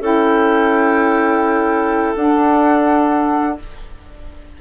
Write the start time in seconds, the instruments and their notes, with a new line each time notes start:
0.00 bassoon C#4, saxophone E4, clarinet A4, flute G5
2.15 bassoon D4, saxophone D4, flute F#5